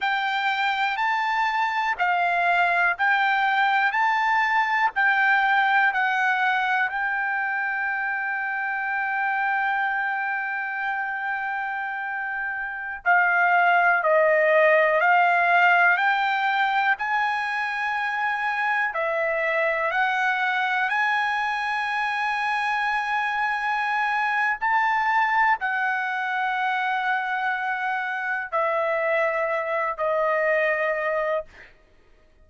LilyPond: \new Staff \with { instrumentName = "trumpet" } { \time 4/4 \tempo 4 = 61 g''4 a''4 f''4 g''4 | a''4 g''4 fis''4 g''4~ | g''1~ | g''4~ g''16 f''4 dis''4 f''8.~ |
f''16 g''4 gis''2 e''8.~ | e''16 fis''4 gis''2~ gis''8.~ | gis''4 a''4 fis''2~ | fis''4 e''4. dis''4. | }